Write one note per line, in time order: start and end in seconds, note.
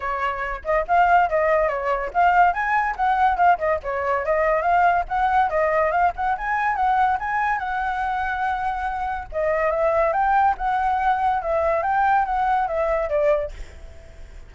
0.00 0.62 C#5
0.64 0.85 D#5
0.87 1.29 F5
1.29 1.68 D#5
1.68 2.10 C#5
2.13 2.53 F5
2.53 2.95 G#5
2.96 3.37 F#5
3.37 3.58 F5
3.58 3.79 D#5
3.83 4.25 C#5
4.25 4.62 D#5
4.62 5.04 F5
5.08 5.49 F#5
5.49 5.91 D#5
5.91 6.12 F5
6.15 6.36 F#5
6.37 6.75 G#5
6.75 7.17 F#5
7.19 7.58 G#5
7.58 9.27 F#5
9.32 9.70 D#5
9.70 10.12 E5
10.12 10.55 G5
10.57 11.42 F#5
11.42 11.83 E5
11.83 12.25 G5
12.25 12.67 F#5
12.67 13.09 E5
13.09 13.51 D5